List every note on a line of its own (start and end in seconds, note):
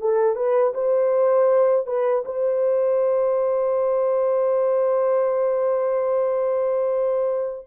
0.00 0.35 A4
0.35 0.73 B4
0.73 1.86 C5
1.86 2.23 B4
2.25 7.66 C5